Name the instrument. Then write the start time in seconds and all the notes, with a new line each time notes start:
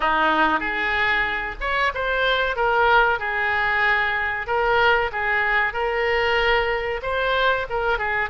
oboe
0.00 D#4
0.59 G#4
1.60 C#5
1.94 C5
2.56 A#4
3.19 G#4
4.47 A#4
5.12 G#4
5.73 A#4
7.02 C5
7.69 A#4
7.98 G#4